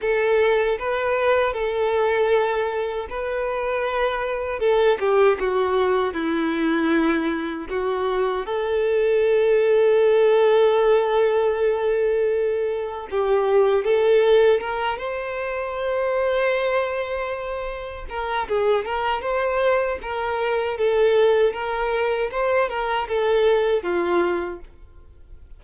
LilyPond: \new Staff \with { instrumentName = "violin" } { \time 4/4 \tempo 4 = 78 a'4 b'4 a'2 | b'2 a'8 g'8 fis'4 | e'2 fis'4 a'4~ | a'1~ |
a'4 g'4 a'4 ais'8 c''8~ | c''2.~ c''8 ais'8 | gis'8 ais'8 c''4 ais'4 a'4 | ais'4 c''8 ais'8 a'4 f'4 | }